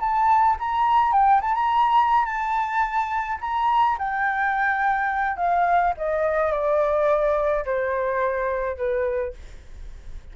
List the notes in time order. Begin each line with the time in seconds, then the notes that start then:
0.00 A5
0.59 A#5
1.12 G5
1.41 A5
1.54 A#5
2.25 A5
3.41 A#5
3.99 G5
5.37 F5
5.97 D#5
6.51 D5
7.65 C5
8.77 B4